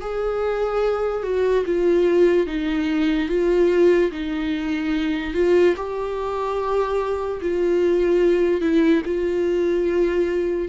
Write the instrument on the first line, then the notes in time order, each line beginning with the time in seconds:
viola
0.00 G#4
1.23 F#4
1.66 F4
2.46 D#4
3.28 F4
4.11 D#4
5.33 F4
5.76 G4
7.41 F4
8.61 E4
9.05 F4